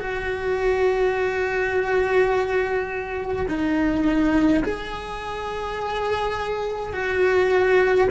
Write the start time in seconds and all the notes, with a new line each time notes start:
0.00 F#4
3.48 D#4
4.65 G#4
6.93 F#4